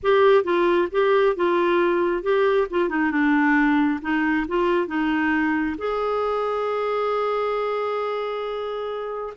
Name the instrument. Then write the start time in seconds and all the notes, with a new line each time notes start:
clarinet
0.02 G4
0.43 F4
0.91 G4
1.36 F4
2.23 G4
2.70 F4
2.89 D#4
3.11 D4
4.01 D#4
4.48 F4
4.87 D#4
5.78 G#4